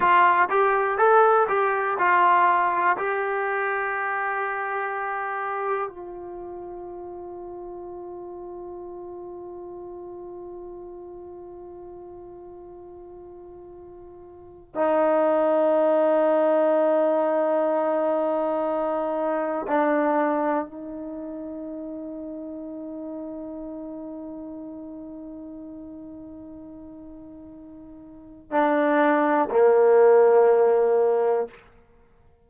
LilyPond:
\new Staff \with { instrumentName = "trombone" } { \time 4/4 \tempo 4 = 61 f'8 g'8 a'8 g'8 f'4 g'4~ | g'2 f'2~ | f'1~ | f'2. dis'4~ |
dis'1 | d'4 dis'2.~ | dis'1~ | dis'4 d'4 ais2 | }